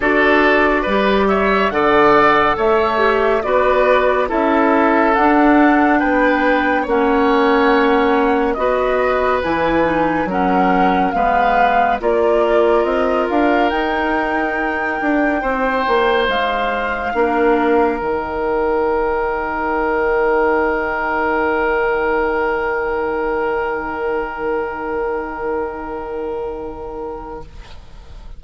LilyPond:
<<
  \new Staff \with { instrumentName = "flute" } { \time 4/4 \tempo 4 = 70 d''4. e''8 fis''4 e''4 | d''4 e''4 fis''4 g''4 | fis''2 dis''4 gis''4 | fis''4 f''4 d''4 dis''8 f''8 |
g''2. f''4~ | f''4 g''2.~ | g''1~ | g''1 | }
  \new Staff \with { instrumentName = "oboe" } { \time 4/4 a'4 b'8 cis''8 d''4 cis''4 | b'4 a'2 b'4 | cis''2 b'2 | ais'4 b'4 ais'2~ |
ais'2 c''2 | ais'1~ | ais'1~ | ais'1 | }
  \new Staff \with { instrumentName = "clarinet" } { \time 4/4 fis'4 g'4 a'4. g'8 | fis'4 e'4 d'2 | cis'2 fis'4 e'8 dis'8 | cis'4 b4 f'2 |
dis'1 | d'4 dis'2.~ | dis'1~ | dis'1 | }
  \new Staff \with { instrumentName = "bassoon" } { \time 4/4 d'4 g4 d4 a4 | b4 cis'4 d'4 b4 | ais2 b4 e4 | fis4 gis4 ais4 c'8 d'8 |
dis'4. d'8 c'8 ais8 gis4 | ais4 dis2.~ | dis1~ | dis1 | }
>>